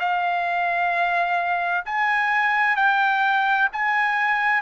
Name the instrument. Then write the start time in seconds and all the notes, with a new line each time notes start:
trumpet
0.00 F5
1.85 G#5
2.77 G5
3.73 G#5